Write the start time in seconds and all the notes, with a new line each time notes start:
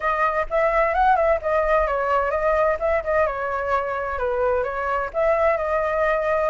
0.00 D#5
0.49 E5
0.93 F#5
1.15 E5
1.41 D#5
1.87 C#5
2.30 D#5
2.79 E5
3.04 D#5
3.26 C#5
4.18 B4
4.63 C#5
5.13 E5
5.57 D#5